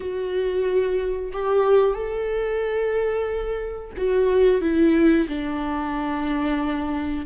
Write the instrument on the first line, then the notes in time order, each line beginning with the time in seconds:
viola
0.00 F#4
1.32 G4
1.94 A4
3.97 F#4
4.61 E4
5.27 D4